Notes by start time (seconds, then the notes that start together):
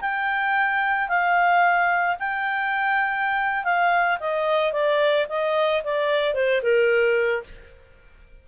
0.00 G5
1.08 F5
2.19 G5
3.64 F5
4.19 D#5
4.72 D5
5.29 D#5
5.84 D5
6.34 C5
6.62 A#4